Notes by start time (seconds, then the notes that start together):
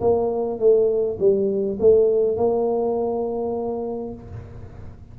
0.00 A#3
0.59 A3
1.19 G3
1.79 A3
2.37 A#3